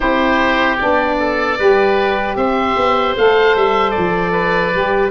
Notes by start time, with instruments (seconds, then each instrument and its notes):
0.00 tuba C4, saxophone E4, oboe G4 C5
0.77 tuba B3, saxophone D4, oboe D5
1.19 oboe A4
1.58 tuba G3, saxophone G4, oboe B4
2.36 tuba C4, oboe C5 E5
2.76 tuba B3
3.16 tuba A3, saxophone A4, oboe F5
3.55 tuba G3, oboe E5
3.90 oboe D5
3.97 tuba F3
4.32 oboe B4
4.73 tuba G3, saxophone G4